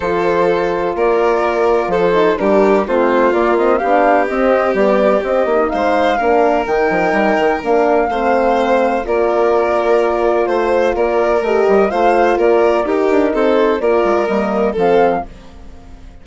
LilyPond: <<
  \new Staff \with { instrumentName = "flute" } { \time 4/4 \tempo 4 = 126 c''2 d''2 | c''4 ais'4 c''4 d''8 dis''8 | f''4 dis''4 d''4 dis''4 | f''2 g''2 |
f''2. d''4~ | d''2 c''4 d''4 | dis''4 f''4 d''4 ais'4 | c''4 d''4 dis''4 f''4 | }
  \new Staff \with { instrumentName = "violin" } { \time 4/4 a'2 ais'2 | a'4 g'4 f'2 | g'1 | c''4 ais'2.~ |
ais'4 c''2 ais'4~ | ais'2 c''4 ais'4~ | ais'4 c''4 ais'4 g'4 | a'4 ais'2 a'4 | }
  \new Staff \with { instrumentName = "horn" } { \time 4/4 f'1~ | f'8 dis'8 d'4 c'4 ais8 c'8 | d'4 c'4 b4 c'8 dis'8~ | dis'4 d'4 dis'2 |
d'4 c'2 f'4~ | f'1 | g'4 f'2 dis'4~ | dis'4 f'4 ais4 c'4 | }
  \new Staff \with { instrumentName = "bassoon" } { \time 4/4 f2 ais2 | f4 g4 a4 ais4 | b4 c'4 g4 c'8 ais8 | gis4 ais4 dis8 f8 g8 dis8 |
ais4 a2 ais4~ | ais2 a4 ais4 | a8 g8 a4 ais4 dis'8 d'8 | c'4 ais8 gis8 g4 f4 | }
>>